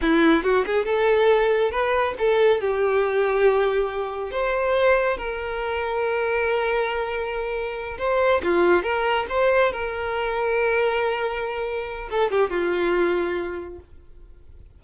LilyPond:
\new Staff \with { instrumentName = "violin" } { \time 4/4 \tempo 4 = 139 e'4 fis'8 gis'8 a'2 | b'4 a'4 g'2~ | g'2 c''2 | ais'1~ |
ais'2~ ais'8 c''4 f'8~ | f'8 ais'4 c''4 ais'4.~ | ais'1 | a'8 g'8 f'2. | }